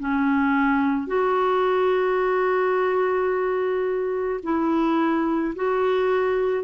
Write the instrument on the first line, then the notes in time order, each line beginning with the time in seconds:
clarinet
0.00 C#4
1.07 F#4
4.43 E4
5.56 F#4